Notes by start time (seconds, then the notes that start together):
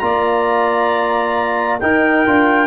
0.00 A#3 F4 D5 A#5
1.80 D#4 A#4 G5
2.26 D4 F4